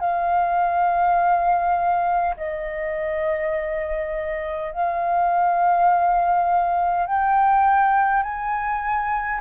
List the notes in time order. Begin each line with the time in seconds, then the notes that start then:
0.00 F5
2.37 D#5
4.72 F5
7.06 G5
8.23 G#5